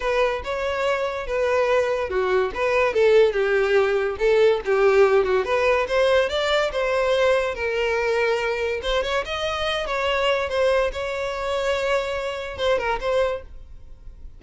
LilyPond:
\new Staff \with { instrumentName = "violin" } { \time 4/4 \tempo 4 = 143 b'4 cis''2 b'4~ | b'4 fis'4 b'4 a'4 | g'2 a'4 g'4~ | g'8 fis'8 b'4 c''4 d''4 |
c''2 ais'2~ | ais'4 c''8 cis''8 dis''4. cis''8~ | cis''4 c''4 cis''2~ | cis''2 c''8 ais'8 c''4 | }